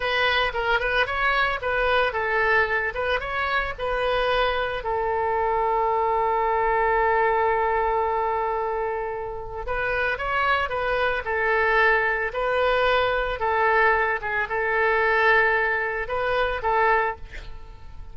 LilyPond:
\new Staff \with { instrumentName = "oboe" } { \time 4/4 \tempo 4 = 112 b'4 ais'8 b'8 cis''4 b'4 | a'4. b'8 cis''4 b'4~ | b'4 a'2.~ | a'1~ |
a'2 b'4 cis''4 | b'4 a'2 b'4~ | b'4 a'4. gis'8 a'4~ | a'2 b'4 a'4 | }